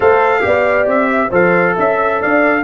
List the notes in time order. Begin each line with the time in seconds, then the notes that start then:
0.00 A3 A4 C5 F5
0.40 B3 G4 D5
0.86 C4 E5
1.11 E5
1.30 F3 A4 C5 F5
1.75 C#4 E5
2.21 D4 D5 F5